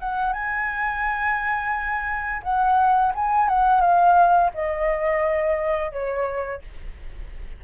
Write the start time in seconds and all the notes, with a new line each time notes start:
0.00 F#5
0.33 G#5
2.43 F#5
3.15 G#5
3.49 F#5
3.81 F5
4.54 D#5
5.92 C#5